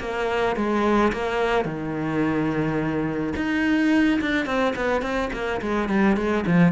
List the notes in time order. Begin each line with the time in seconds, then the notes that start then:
0.00 A#3
0.56 G#3
1.13 A#3
1.65 D#3
3.36 D#4
4.21 D4
4.46 C4
4.76 B3
5.02 C4
5.33 A#3
5.61 G#3
5.89 G3
6.17 G#3
6.47 F3